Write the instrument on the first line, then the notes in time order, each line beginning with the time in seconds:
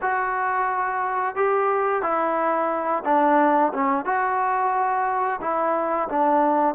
trombone
0.01 F#4
1.35 G4
2.02 E4
3.05 D4
3.73 C#4
4.05 F#4
5.41 E4
6.09 D4